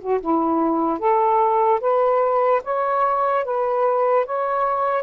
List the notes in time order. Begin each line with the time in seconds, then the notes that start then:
0.00 F#4
0.21 E4
0.99 A4
1.81 B4
2.64 C#5
3.44 B4
4.25 C#5